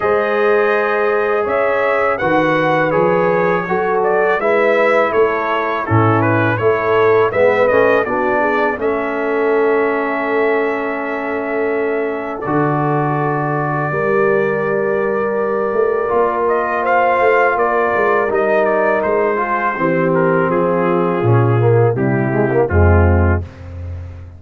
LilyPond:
<<
  \new Staff \with { instrumentName = "trumpet" } { \time 4/4 \tempo 4 = 82 dis''2 e''4 fis''4 | cis''4. d''8 e''4 cis''4 | a'8 b'8 cis''4 e''8 dis''8 d''4 | e''1~ |
e''4 d''2.~ | d''2~ d''8 dis''8 f''4 | d''4 dis''8 d''8 c''4. ais'8 | gis'2 g'4 f'4 | }
  \new Staff \with { instrumentName = "horn" } { \time 4/4 c''2 cis''4 b'4~ | b'4 a'4 b'4 a'4 | e'4 a'4 b'4 fis'8 gis'8 | a'1~ |
a'2. ais'4~ | ais'2. c''4 | ais'2~ ais'8 gis'8 g'4 | f'2 e'4 c'4 | }
  \new Staff \with { instrumentName = "trombone" } { \time 4/4 gis'2. fis'4 | gis'4 fis'4 e'2 | cis'4 e'4 b8 cis'8 d'4 | cis'1~ |
cis'4 fis'2 g'4~ | g'2 f'2~ | f'4 dis'4. f'8 c'4~ | c'4 cis'8 ais8 g8 gis16 ais16 gis4 | }
  \new Staff \with { instrumentName = "tuba" } { \time 4/4 gis2 cis'4 dis4 | f4 fis4 gis4 a4 | a,4 a4 gis8 a8 b4 | a1~ |
a4 d2 g4~ | g4. a8 ais4. a8 | ais8 gis8 g4 gis4 e4 | f4 ais,4 c4 f,4 | }
>>